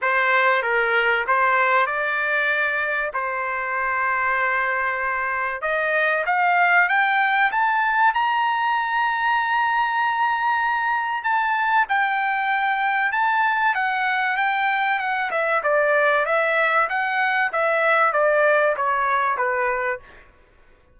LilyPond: \new Staff \with { instrumentName = "trumpet" } { \time 4/4 \tempo 4 = 96 c''4 ais'4 c''4 d''4~ | d''4 c''2.~ | c''4 dis''4 f''4 g''4 | a''4 ais''2.~ |
ais''2 a''4 g''4~ | g''4 a''4 fis''4 g''4 | fis''8 e''8 d''4 e''4 fis''4 | e''4 d''4 cis''4 b'4 | }